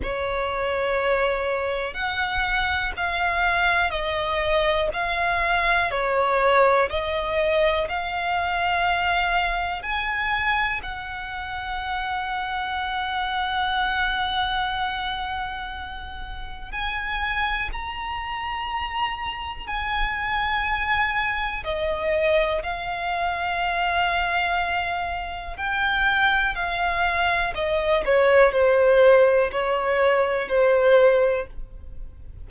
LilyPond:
\new Staff \with { instrumentName = "violin" } { \time 4/4 \tempo 4 = 61 cis''2 fis''4 f''4 | dis''4 f''4 cis''4 dis''4 | f''2 gis''4 fis''4~ | fis''1~ |
fis''4 gis''4 ais''2 | gis''2 dis''4 f''4~ | f''2 g''4 f''4 | dis''8 cis''8 c''4 cis''4 c''4 | }